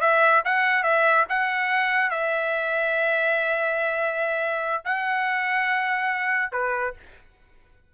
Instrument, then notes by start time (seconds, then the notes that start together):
trumpet
0.00 E5
0.44 F#5
0.83 E5
1.29 F#5
2.10 E5
4.84 F#5
6.52 B4